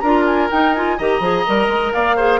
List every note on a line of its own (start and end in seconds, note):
0.00 0.50 D4
0.00 0.51 F4
0.00 0.98 A#4
0.00 0.24 A#5
0.26 0.50 G#5
0.51 0.75 D#4
0.51 0.99 D#4
0.51 0.74 G5
0.74 1.00 F4
0.74 0.98 G#5
0.98 1.20 D#3
0.98 1.22 G4
0.98 1.93 D#5
0.98 1.94 A#5
1.20 1.44 F3
1.20 1.46 G#4
1.47 1.68 G3
1.47 2.17 A#4
1.68 1.92 G#3
1.94 2.40 A#3
1.94 2.16 D5
1.94 2.40 F5
2.16 2.40 G#4
2.16 2.40 C5